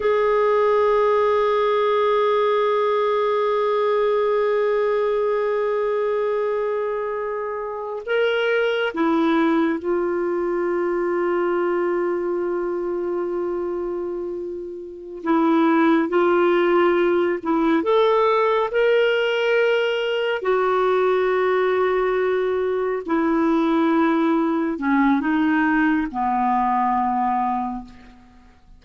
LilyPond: \new Staff \with { instrumentName = "clarinet" } { \time 4/4 \tempo 4 = 69 gis'1~ | gis'1~ | gis'4~ gis'16 ais'4 e'4 f'8.~ | f'1~ |
f'4. e'4 f'4. | e'8 a'4 ais'2 fis'8~ | fis'2~ fis'8 e'4.~ | e'8 cis'8 dis'4 b2 | }